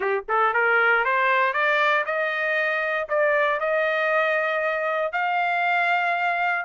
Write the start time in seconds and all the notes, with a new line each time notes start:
0.00 G4
0.28 A4
0.53 A#4
1.04 C5
1.53 D5
2.05 D#5
3.08 D5
3.60 D#5
5.12 F5